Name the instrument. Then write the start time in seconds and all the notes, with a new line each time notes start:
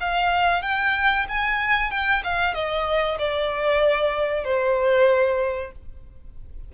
violin
0.00 F5
0.62 G5
1.29 G#5
1.91 G5
2.24 F5
2.54 D#5
3.19 D5
4.44 C5